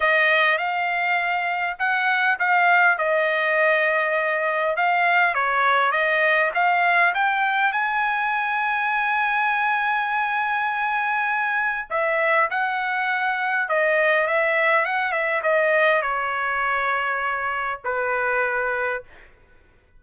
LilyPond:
\new Staff \with { instrumentName = "trumpet" } { \time 4/4 \tempo 4 = 101 dis''4 f''2 fis''4 | f''4 dis''2. | f''4 cis''4 dis''4 f''4 | g''4 gis''2.~ |
gis''1 | e''4 fis''2 dis''4 | e''4 fis''8 e''8 dis''4 cis''4~ | cis''2 b'2 | }